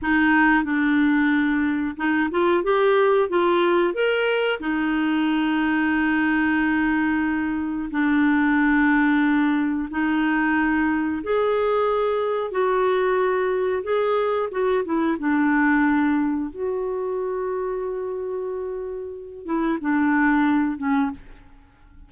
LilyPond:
\new Staff \with { instrumentName = "clarinet" } { \time 4/4 \tempo 4 = 91 dis'4 d'2 dis'8 f'8 | g'4 f'4 ais'4 dis'4~ | dis'1 | d'2. dis'4~ |
dis'4 gis'2 fis'4~ | fis'4 gis'4 fis'8 e'8 d'4~ | d'4 fis'2.~ | fis'4. e'8 d'4. cis'8 | }